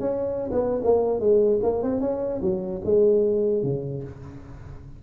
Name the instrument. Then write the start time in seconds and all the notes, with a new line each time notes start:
tuba
0.00 C#4
0.52 B3
0.84 A#3
1.20 G#3
1.63 A#3
1.83 C4
2.01 C#4
2.42 F#3
2.85 G#3
3.63 C#3